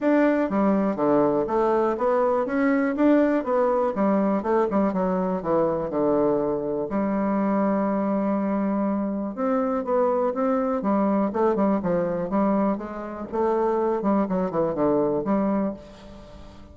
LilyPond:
\new Staff \with { instrumentName = "bassoon" } { \time 4/4 \tempo 4 = 122 d'4 g4 d4 a4 | b4 cis'4 d'4 b4 | g4 a8 g8 fis4 e4 | d2 g2~ |
g2. c'4 | b4 c'4 g4 a8 g8 | f4 g4 gis4 a4~ | a8 g8 fis8 e8 d4 g4 | }